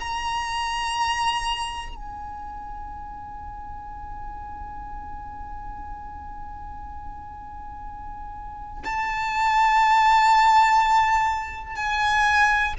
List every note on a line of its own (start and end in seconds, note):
0.00 1.95 A#5
1.95 8.84 G#5
8.85 11.76 A5
11.76 12.74 G#5